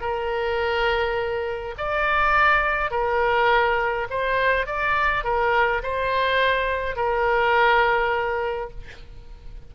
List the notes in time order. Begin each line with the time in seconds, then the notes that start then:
0.00 A#4
1.77 D5
2.91 A#4
4.10 C5
4.66 D5
5.24 A#4
5.83 C5
6.96 A#4